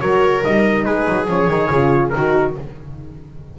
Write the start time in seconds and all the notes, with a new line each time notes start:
0.00 F#3 F#4 A#4 C#5
0.42 G3 D#4 D#5
0.85 G#3 G#4 B4
1.09 F#3
1.28 F3 C#4 C#5
1.47 D#3 D#4
1.70 C#3 F4
2.10 D#3 D#4 A#4
2.16 F#4